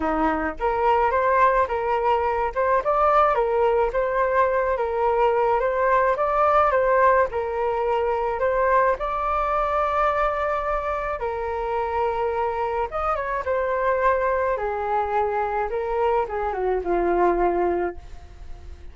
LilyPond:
\new Staff \with { instrumentName = "flute" } { \time 4/4 \tempo 4 = 107 dis'4 ais'4 c''4 ais'4~ | ais'8 c''8 d''4 ais'4 c''4~ | c''8 ais'4. c''4 d''4 | c''4 ais'2 c''4 |
d''1 | ais'2. dis''8 cis''8 | c''2 gis'2 | ais'4 gis'8 fis'8 f'2 | }